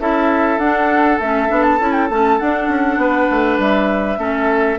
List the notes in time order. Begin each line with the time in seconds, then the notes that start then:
0.00 C#4 E4 A4 E5
0.58 D4 F#5
1.20 A3 C#4 E5
1.49 B3 D4
1.63 A5
1.80 C#4 E4
1.93 G5
2.10 A3 C#4 A5
2.40 D4 F#5
2.69 C#4
2.97 B3 B4
3.31 A3
3.59 G3 E5
4.18 A3 C#4 A4